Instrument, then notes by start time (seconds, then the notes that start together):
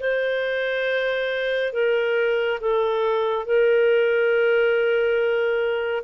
clarinet
0.00 C5
1.73 A#4
2.61 A4
3.46 A#4